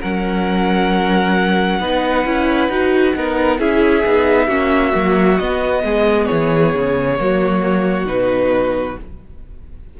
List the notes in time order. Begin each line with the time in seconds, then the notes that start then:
0.00 F#3 C#4 A#4 F#5
1.79 B3 D#4 B4
2.25 C#4 E4
2.68 D#4 F#4
3.14 B3 D#4 A#4
3.58 C#4 E4 G#4 E5
4.05 B3 D#4
4.46 A#3 C#4 F#4
4.93 F#3 A#3
5.38 B3 D#5
5.83 G#3 G#4
6.26 E3 C#5
6.74 C#3
7.18 F#3 A#3 F#4
8.05 B2 D#4 B4